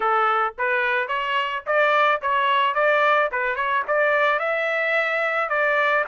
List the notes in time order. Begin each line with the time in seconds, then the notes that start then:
0.00 A4
0.58 B4
1.08 C#5
1.66 D5
2.21 C#5
2.74 D5
3.31 B4
3.55 C#5
3.87 D5
4.39 E5
5.49 D5